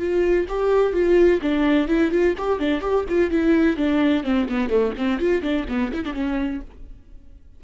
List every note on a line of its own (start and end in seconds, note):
0.00 0.47 F4
0.49 0.93 G4
0.93 1.40 F4
1.42 1.88 D4
1.88 2.11 E4
2.11 2.35 F4
2.38 2.59 G4
2.59 2.82 D4
2.82 3.05 G4
3.09 3.31 F4
3.31 3.77 E4
3.77 4.24 D4
4.24 4.47 C4
4.49 4.70 B3
4.70 4.93 A3
4.98 5.20 C4
5.20 5.42 F4
5.42 5.66 D4
5.69 5.92 B3
5.94 6.05 E4
6.05 6.14 D4
6.14 6.61 C#4